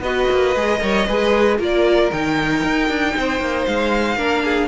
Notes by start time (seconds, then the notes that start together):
0.00 B3 F#4 B4 D#5
0.30 A#3
0.56 G#3 G#4
0.80 G3 A#4 C#5
1.06 G#3 G#4 B4
1.59 A#3 F4 A#4 D5
2.11 D#3 D#4 G5
2.63 D#4
2.89 D4
3.16 C4 C5
3.40 A#3
3.66 G#3 F5
4.16 A#3 D4 A#4
4.44 G#4